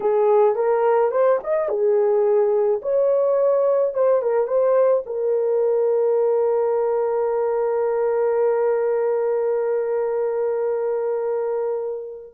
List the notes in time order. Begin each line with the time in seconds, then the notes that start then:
0.00 G#4
0.55 A#4
1.11 C5
1.43 D#5
1.68 G#4
2.82 C#5
3.94 C5
4.22 A#4
4.47 C5
5.06 A#4